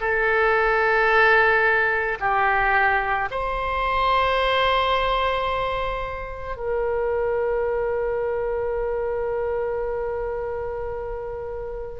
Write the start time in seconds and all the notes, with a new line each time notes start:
0.00 A4
2.19 G4
3.31 C5
6.56 A#4